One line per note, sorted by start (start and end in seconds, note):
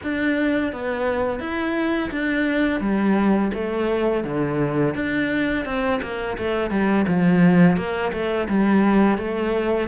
0.03 0.72 D4
0.72 1.39 B3
1.39 2.10 E4
2.11 2.80 D4
2.80 3.51 G3
3.54 4.24 A3
4.24 4.94 D3
4.94 5.65 D4
5.65 6.00 C4
6.02 6.37 A#3
6.37 6.70 A3
6.70 7.05 G3
7.07 7.76 F3
7.76 8.12 A#3
8.12 8.47 A3
8.48 9.18 G3
9.18 9.88 A3